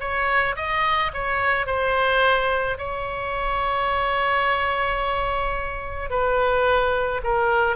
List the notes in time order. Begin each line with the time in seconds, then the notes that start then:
0.00 C#5
0.56 D#5
1.14 C#5
1.66 C5
2.78 C#5
6.10 B4
7.23 A#4